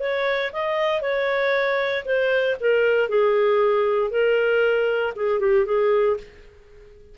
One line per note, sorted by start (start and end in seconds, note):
0.00 0.51 C#5
0.53 1.02 D#5
1.02 2.04 C#5
2.05 2.56 C5
2.60 3.09 A#4
3.09 4.11 G#4
4.11 5.13 A#4
5.16 5.40 G#4
5.40 5.65 G4
5.66 6.17 G#4